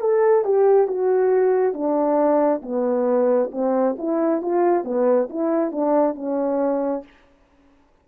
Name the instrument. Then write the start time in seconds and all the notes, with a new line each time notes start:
horn
0.00 A4
0.44 G4
0.87 F#4
1.73 D4
2.62 B3
3.52 C4
3.98 E4
4.42 F4
4.84 B3
5.30 E4
5.71 D4
6.15 C#4